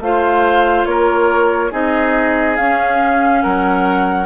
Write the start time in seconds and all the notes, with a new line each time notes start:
0.00 A3 F4 C5 F5
0.86 A#3 A#4 C#5
1.72 C4 D#4 G#4 D#5
2.57 C#4 F5
3.43 F#3 A#4 F#5